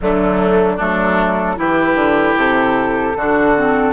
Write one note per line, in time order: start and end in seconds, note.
0.01 0.79 D3
0.01 0.79 F#3
0.01 0.76 A3
0.01 0.79 D4
0.76 1.58 F#3
0.76 1.55 A3
0.76 1.55 D4
0.76 1.58 A4
1.55 1.94 E3
1.55 3.13 E4
1.55 3.17 G4
1.55 2.37 B4
1.94 2.34 D3
2.36 3.15 C3
2.36 3.93 A4
3.16 3.93 D3
3.16 3.56 D4
3.16 3.93 F#4
3.57 3.93 C4